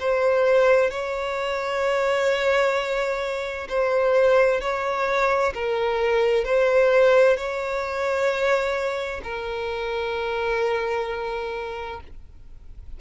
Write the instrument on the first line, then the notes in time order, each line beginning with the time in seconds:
violin
0.00 C5
0.91 C#5
3.69 C5
4.61 C#5
5.55 A#4
6.45 C5
7.37 C#5
9.24 A#4